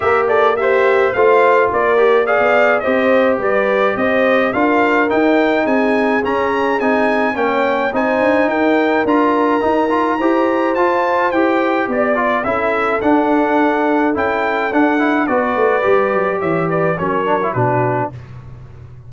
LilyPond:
<<
  \new Staff \with { instrumentName = "trumpet" } { \time 4/4 \tempo 4 = 106 e''8 d''8 e''4 f''4 d''4 | f''4 dis''4 d''4 dis''4 | f''4 g''4 gis''4 ais''4 | gis''4 g''4 gis''4 g''4 |
ais''2. a''4 | g''4 d''4 e''4 fis''4~ | fis''4 g''4 fis''4 d''4~ | d''4 e''8 d''8 cis''4 b'4 | }
  \new Staff \with { instrumentName = "horn" } { \time 4/4 ais'8 a'8 g'4 c''4 ais'4 | d''4 c''4 b'4 c''4 | ais'2 gis'2~ | gis'4 cis''4 c''4 ais'4~ |
ais'2 c''2~ | c''4 d''4 a'2~ | a'2. b'4~ | b'4 cis''8 b'8 ais'4 fis'4 | }
  \new Staff \with { instrumentName = "trombone" } { \time 4/4 g'4 c''4 f'4. g'8 | gis'4 g'2. | f'4 dis'2 cis'4 | dis'4 cis'4 dis'2 |
f'4 dis'8 f'8 g'4 f'4 | g'4. f'8 e'4 d'4~ | d'4 e'4 d'8 e'8 fis'4 | g'2 cis'8 d'16 e'16 d'4 | }
  \new Staff \with { instrumentName = "tuba" } { \time 4/4 ais2 a4 ais4~ | ais16 b8. c'4 g4 c'4 | d'4 dis'4 c'4 cis'4 | c'4 ais4 c'8 d'8 dis'4 |
d'4 dis'4 e'4 f'4 | e'4 b4 cis'4 d'4~ | d'4 cis'4 d'4 b8 a8 | g8 fis8 e4 fis4 b,4 | }
>>